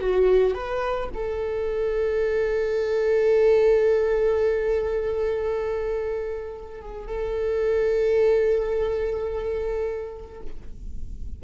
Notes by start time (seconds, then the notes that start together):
0.00 F#4
0.54 B4
1.13 A4
6.81 G#4
7.07 A4